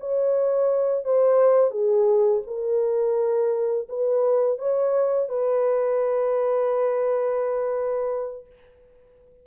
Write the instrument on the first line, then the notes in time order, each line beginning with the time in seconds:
horn
0.00 C#5
1.04 C5
1.71 G#4
2.47 A#4
3.89 B4
4.59 C#5
5.29 B4